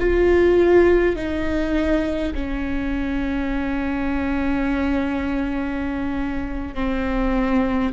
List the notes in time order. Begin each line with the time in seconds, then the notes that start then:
0.00 F4
1.16 D#4
2.35 C#4
6.75 C4